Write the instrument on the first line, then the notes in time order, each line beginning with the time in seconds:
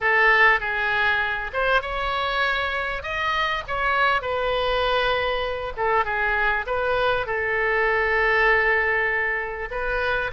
oboe
0.00 A4
0.60 G#4
1.53 C5
1.81 C#5
3.02 D#5
3.67 C#5
4.21 B4
5.77 A4
6.04 G#4
6.66 B4
7.26 A4
9.70 B4